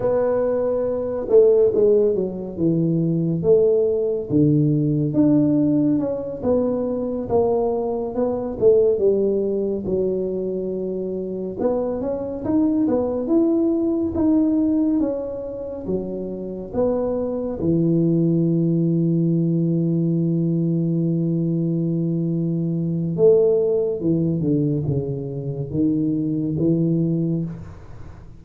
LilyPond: \new Staff \with { instrumentName = "tuba" } { \time 4/4 \tempo 4 = 70 b4. a8 gis8 fis8 e4 | a4 d4 d'4 cis'8 b8~ | b8 ais4 b8 a8 g4 fis8~ | fis4. b8 cis'8 dis'8 b8 e'8~ |
e'8 dis'4 cis'4 fis4 b8~ | b8 e2.~ e8~ | e2. a4 | e8 d8 cis4 dis4 e4 | }